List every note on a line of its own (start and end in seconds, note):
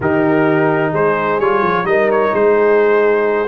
0.00 0.92 D#3
0.00 1.41 D#4
0.00 0.92 G4
0.00 0.94 A#4
0.92 1.39 G#3
0.92 1.85 G#4
0.92 1.40 C5
1.39 1.62 G3
1.39 1.84 F4
1.39 1.86 C#5
1.62 1.84 F3
1.84 2.31 G3
1.84 3.47 D#4
1.84 2.34 A#4
1.84 2.09 D#5
2.11 2.34 C#5
2.33 3.47 G#3
2.33 3.47 G#4
2.33 3.47 C5